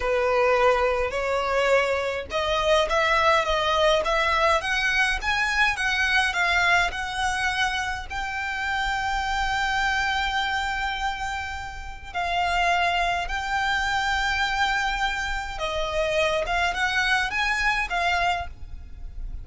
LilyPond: \new Staff \with { instrumentName = "violin" } { \time 4/4 \tempo 4 = 104 b'2 cis''2 | dis''4 e''4 dis''4 e''4 | fis''4 gis''4 fis''4 f''4 | fis''2 g''2~ |
g''1~ | g''4 f''2 g''4~ | g''2. dis''4~ | dis''8 f''8 fis''4 gis''4 f''4 | }